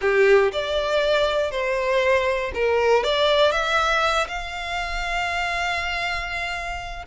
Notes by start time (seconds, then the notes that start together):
0.01 G4
0.52 D5
1.51 C5
2.54 A#4
3.03 D5
3.51 E5
4.28 F5